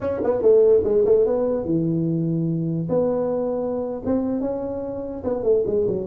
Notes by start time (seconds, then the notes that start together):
0.00 C#4
0.23 B3
0.41 A3
0.83 G#3
1.05 A3
1.26 B3
1.64 E3
2.89 B3
4.05 C4
4.41 C#4
5.24 B3
5.43 A3
5.66 G#3
5.87 F#3